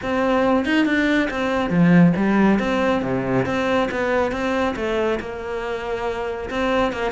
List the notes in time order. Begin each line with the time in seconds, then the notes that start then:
0.02 C4
0.65 D#4
0.85 D4
1.30 C4
1.70 F3
2.16 G3
2.59 C4
3.02 C3
3.45 C4
3.91 B3
4.31 C4
4.76 A3
5.20 A#3
6.50 C4
6.92 A#3